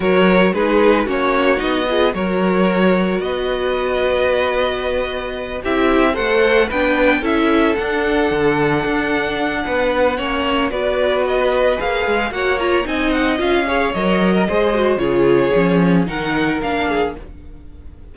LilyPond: <<
  \new Staff \with { instrumentName = "violin" } { \time 4/4 \tempo 4 = 112 cis''4 b'4 cis''4 dis''4 | cis''2 dis''2~ | dis''2~ dis''8 e''4 fis''8~ | fis''8 g''4 e''4 fis''4.~ |
fis''1 | d''4 dis''4 f''4 fis''8 ais''8 | gis''8 fis''8 f''4 dis''2 | cis''2 fis''4 f''4 | }
  \new Staff \with { instrumentName = "violin" } { \time 4/4 ais'4 gis'4 fis'4. gis'8 | ais'2 b'2~ | b'2~ b'8 g'4 c''8~ | c''8 b'4 a'2~ a'8~ |
a'2 b'4 cis''4 | b'2. cis''4 | dis''4. cis''4~ cis''16 ais'16 c''4 | gis'2 ais'4. gis'8 | }
  \new Staff \with { instrumentName = "viola" } { \time 4/4 fis'4 dis'4 cis'4 dis'8 f'8 | fis'1~ | fis'2~ fis'8 e'4 a'8~ | a'8 d'4 e'4 d'4.~ |
d'2. cis'4 | fis'2 gis'4 fis'8 f'8 | dis'4 f'8 gis'8 ais'4 gis'8 fis'8 | f'4 cis'4 dis'4 d'4 | }
  \new Staff \with { instrumentName = "cello" } { \time 4/4 fis4 gis4 ais4 b4 | fis2 b2~ | b2~ b8 c'4 a8~ | a8 b4 cis'4 d'4 d8~ |
d8 d'4. b4 ais4 | b2 ais8 gis8 ais4 | c'4 cis'4 fis4 gis4 | cis4 f4 dis4 ais4 | }
>>